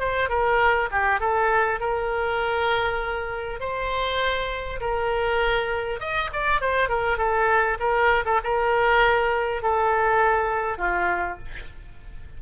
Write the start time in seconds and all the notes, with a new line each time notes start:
0.00 C5
0.29 A#4
0.91 G4
1.20 A4
1.80 A#4
3.60 C5
4.81 A#4
6.00 D#5
6.33 D5
6.61 C5
6.89 A#4
7.18 A4
7.79 A#4
8.26 A4
8.44 A#4
9.62 A4
10.78 F4